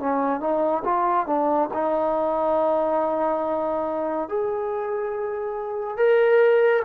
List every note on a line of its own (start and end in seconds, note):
0.00 0.40 C#4
0.40 0.83 D#4
0.85 1.27 F4
1.27 1.69 D4
1.73 4.29 D#4
4.29 5.97 G#4
5.97 6.83 A#4